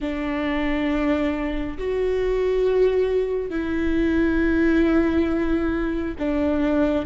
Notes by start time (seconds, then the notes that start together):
0.00 D4
1.78 F#4
3.50 E4
6.18 D4